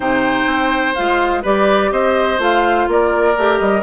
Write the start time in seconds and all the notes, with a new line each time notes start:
0.00 C3 D#4 C5 G5
0.46 C4
0.94 G#3 F4 F5
1.42 G3 G4 B4 D5
1.91 C4 C5 D#5
2.38 A3 F4 F5
2.87 A#3 A#4 D5
3.37 A3 G4
3.59 G3 D#5